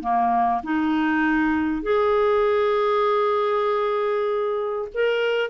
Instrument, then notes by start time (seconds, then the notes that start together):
clarinet
0.00 A#3
0.63 D#4
1.82 G#4
4.94 A#4